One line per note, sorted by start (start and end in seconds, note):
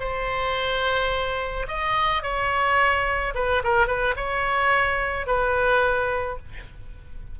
0.00 1.67 C5
1.68 2.22 D#5
2.22 3.34 C#5
3.35 3.63 B4
3.64 3.87 A#4
3.87 4.15 B4
4.16 5.27 C#5
5.27 6.38 B4